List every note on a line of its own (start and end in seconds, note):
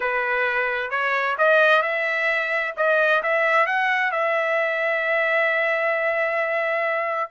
0.00 0.90 B4
0.90 1.36 C#5
1.38 1.82 D#5
1.82 2.74 E5
2.76 3.22 D#5
3.22 3.66 E5
3.66 4.11 F#5
4.11 7.30 E5